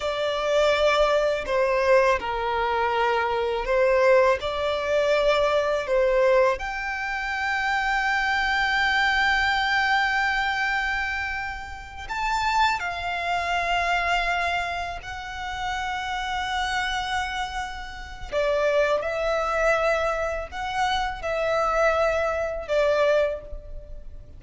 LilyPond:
\new Staff \with { instrumentName = "violin" } { \time 4/4 \tempo 4 = 82 d''2 c''4 ais'4~ | ais'4 c''4 d''2 | c''4 g''2.~ | g''1~ |
g''8 a''4 f''2~ f''8~ | f''8 fis''2.~ fis''8~ | fis''4 d''4 e''2 | fis''4 e''2 d''4 | }